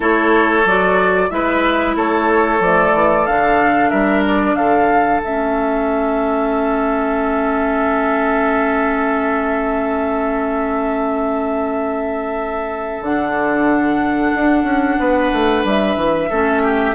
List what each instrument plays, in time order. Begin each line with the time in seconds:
0.00 bassoon A3, clarinet E4, oboe A4, flute C#5
0.65 bassoon F#3, clarinet F#4, flute D5
1.29 bassoon G#3, clarinet E4, oboe B4, flute E5
1.95 bassoon A3, oboe A4, flute C#5
2.60 bassoon F3, clarinet A3, flute D5
2.93 bassoon E3
3.26 bassoon D3, clarinet D4, flute F5
3.90 bassoon G3, oboe A#4, flute E5
4.26 flute D5
4.54 bassoon D3, oboe A4, flute F5
5.19 bassoon A3, clarinet C#4, flute E5
13.01 bassoon D3, clarinet D4, flute F#5
14.34 bassoon D4
14.63 bassoon C#4
14.99 bassoon B3, oboe B4
15.32 bassoon A3
15.64 bassoon G3, flute E5
15.96 bassoon E3
16.29 bassoon A3, clarinet C#4, oboe A4
16.62 oboe G4